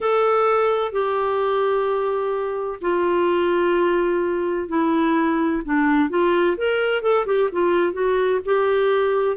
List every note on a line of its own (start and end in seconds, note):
0.00 0.92 A4
0.92 2.79 G4
2.81 4.68 F4
4.68 5.62 E4
5.65 6.09 D4
6.09 6.56 F4
6.57 7.02 A#4
7.02 7.25 A4
7.26 7.49 G4
7.52 7.93 F4
7.93 8.39 F#4
8.45 9.36 G4